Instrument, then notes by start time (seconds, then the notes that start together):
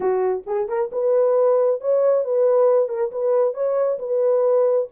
horn
0.00 F#4
0.46 G#4
0.68 A#4
0.92 B4
1.80 C#5
2.24 B4
2.88 A#4
3.11 B4
3.54 C#5
3.99 B4